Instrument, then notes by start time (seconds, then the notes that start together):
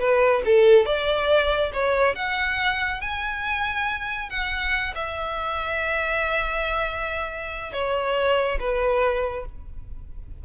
violin
0.00 B4
0.46 A4
0.86 D5
1.74 C#5
2.15 F#5
3.01 G#5
4.30 F#5
4.95 E5
7.73 C#5
8.60 B4